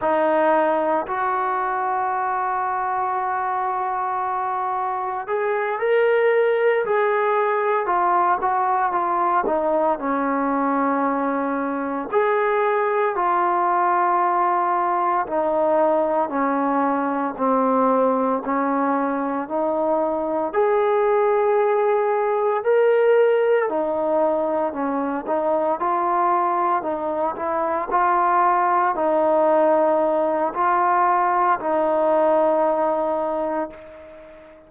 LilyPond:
\new Staff \with { instrumentName = "trombone" } { \time 4/4 \tempo 4 = 57 dis'4 fis'2.~ | fis'4 gis'8 ais'4 gis'4 f'8 | fis'8 f'8 dis'8 cis'2 gis'8~ | gis'8 f'2 dis'4 cis'8~ |
cis'8 c'4 cis'4 dis'4 gis'8~ | gis'4. ais'4 dis'4 cis'8 | dis'8 f'4 dis'8 e'8 f'4 dis'8~ | dis'4 f'4 dis'2 | }